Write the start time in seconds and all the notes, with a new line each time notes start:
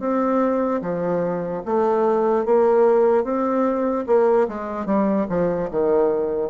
0.00 C4
0.82 F3
1.65 A3
2.45 A#3
3.24 C4
4.07 A#3
4.48 G#3
4.86 G3
5.29 F3
5.71 D#3